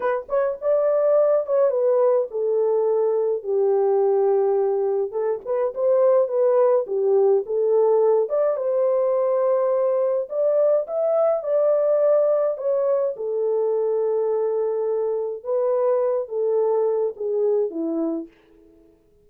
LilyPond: \new Staff \with { instrumentName = "horn" } { \time 4/4 \tempo 4 = 105 b'8 cis''8 d''4. cis''8 b'4 | a'2 g'2~ | g'4 a'8 b'8 c''4 b'4 | g'4 a'4. d''8 c''4~ |
c''2 d''4 e''4 | d''2 cis''4 a'4~ | a'2. b'4~ | b'8 a'4. gis'4 e'4 | }